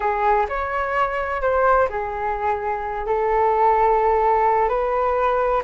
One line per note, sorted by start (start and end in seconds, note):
0.00 0.46 G#4
0.48 1.41 C#5
1.41 1.88 C5
1.89 3.06 G#4
3.06 4.68 A4
4.68 5.62 B4